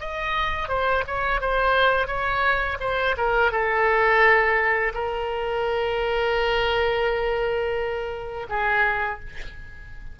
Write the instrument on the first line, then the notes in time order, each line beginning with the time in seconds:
oboe
0.00 D#5
0.68 C5
1.07 C#5
1.41 C5
2.07 C#5
2.80 C5
3.17 A#4
3.51 A4
4.93 A#4
8.49 G#4